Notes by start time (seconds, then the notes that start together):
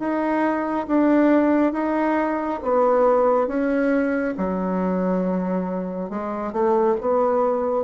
0.00 D#4
0.88 D4
1.73 D#4
2.63 B3
3.48 C#4
4.38 F#3
6.10 G#3
6.53 A3
7.01 B3